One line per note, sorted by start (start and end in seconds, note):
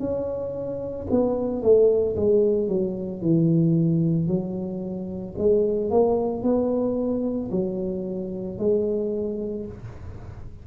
0.00 1.07 C#4
1.11 1.62 B3
1.62 2.16 A3
2.16 2.68 G#3
2.68 3.22 F#3
3.22 4.28 E3
4.28 5.35 F#3
5.38 5.91 G#3
5.91 6.43 A#3
6.43 7.50 B3
7.51 8.59 F#3
8.59 9.66 G#3